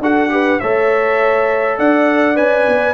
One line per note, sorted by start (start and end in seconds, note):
0.00 0.59 D4
0.00 0.30 F#4
0.00 0.31 A4
0.00 0.60 F#5
0.30 0.59 G4
0.30 0.61 B4
0.60 1.79 A3
0.60 2.36 A4
0.60 1.79 C#5
0.60 1.78 E5
1.79 2.38 D4
1.79 2.94 D5
1.79 2.37 F#5
2.36 2.67 C#4
2.36 2.94 B4
2.36 2.94 G#5
2.68 2.94 B3